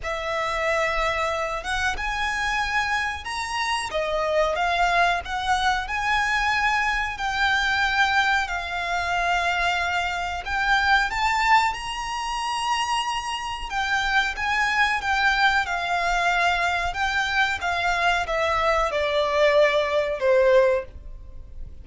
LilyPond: \new Staff \with { instrumentName = "violin" } { \time 4/4 \tempo 4 = 92 e''2~ e''8 fis''8 gis''4~ | gis''4 ais''4 dis''4 f''4 | fis''4 gis''2 g''4~ | g''4 f''2. |
g''4 a''4 ais''2~ | ais''4 g''4 gis''4 g''4 | f''2 g''4 f''4 | e''4 d''2 c''4 | }